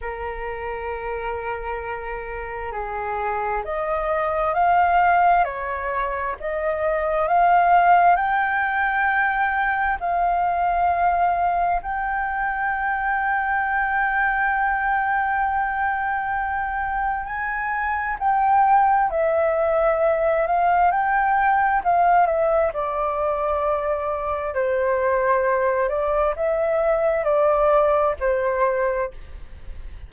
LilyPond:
\new Staff \with { instrumentName = "flute" } { \time 4/4 \tempo 4 = 66 ais'2. gis'4 | dis''4 f''4 cis''4 dis''4 | f''4 g''2 f''4~ | f''4 g''2.~ |
g''2. gis''4 | g''4 e''4. f''8 g''4 | f''8 e''8 d''2 c''4~ | c''8 d''8 e''4 d''4 c''4 | }